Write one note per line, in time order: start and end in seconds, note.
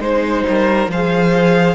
0.00 0.43 G#3
0.00 0.89 D#4
0.00 0.44 C5
0.00 0.91 C5
0.48 0.87 G3
0.48 0.91 A#4
0.87 1.74 F3
0.87 1.75 G#4
0.87 1.75 C5
0.87 1.75 F5